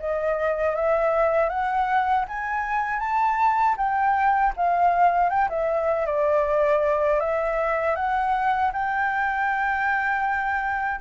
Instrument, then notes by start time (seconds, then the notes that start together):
flute
0.00 D#5
0.76 E5
1.49 F#5
2.28 G#5
3.00 A5
3.77 G5
4.56 F5
5.30 G5
5.49 E5
6.06 D5
7.20 E5
7.96 F#5
8.73 G5